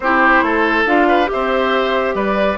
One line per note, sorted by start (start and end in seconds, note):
0.00 0.42 C4
0.00 0.86 E4
0.00 0.44 G4
0.00 0.85 C5
0.42 0.85 A3
0.42 1.08 A4
0.85 1.29 D4
0.85 1.25 F4
0.85 1.29 F5
1.08 1.29 B4
1.25 2.55 G4
1.25 2.15 E5
1.32 2.14 C4
1.32 2.15 C5
2.14 2.57 G3
2.14 2.57 B4
2.14 2.57 D5